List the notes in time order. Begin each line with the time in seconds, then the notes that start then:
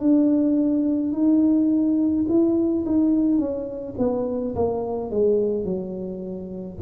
0.00 D4
1.13 D#4
2.28 E4
2.86 D#4
3.38 C#4
3.98 B3
4.55 A#3
5.10 G#3
5.64 F#3